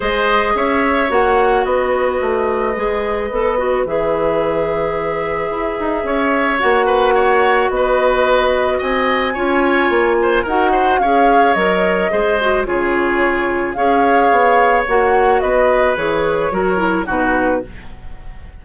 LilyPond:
<<
  \new Staff \with { instrumentName = "flute" } { \time 4/4 \tempo 4 = 109 dis''4 e''4 fis''4 dis''4~ | dis''2. e''4~ | e''1 | fis''2 dis''2 |
gis''2. fis''4 | f''4 dis''2 cis''4~ | cis''4 f''2 fis''4 | dis''4 cis''2 b'4 | }
  \new Staff \with { instrumentName = "oboe" } { \time 4/4 c''4 cis''2 b'4~ | b'1~ | b'2. cis''4~ | cis''8 b'8 cis''4 b'2 |
dis''4 cis''4. c''8 ais'8 c''8 | cis''2 c''4 gis'4~ | gis'4 cis''2. | b'2 ais'4 fis'4 | }
  \new Staff \with { instrumentName = "clarinet" } { \time 4/4 gis'2 fis'2~ | fis'4 gis'4 a'8 fis'8 gis'4~ | gis'1 | fis'1~ |
fis'4 f'2 fis'4 | gis'4 ais'4 gis'8 fis'8 f'4~ | f'4 gis'2 fis'4~ | fis'4 gis'4 fis'8 e'8 dis'4 | }
  \new Staff \with { instrumentName = "bassoon" } { \time 4/4 gis4 cis'4 ais4 b4 | a4 gis4 b4 e4~ | e2 e'8 dis'8 cis'4 | ais2 b2 |
c'4 cis'4 ais4 dis'4 | cis'4 fis4 gis4 cis4~ | cis4 cis'4 b4 ais4 | b4 e4 fis4 b,4 | }
>>